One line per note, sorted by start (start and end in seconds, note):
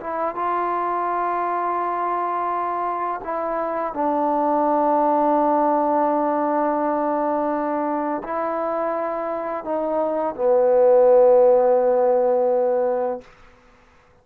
0.00 0.35 E4
0.35 3.20 F4
3.24 3.93 E4
3.93 8.22 D4
8.23 9.64 E4
9.64 10.35 D#4
10.35 13.20 B3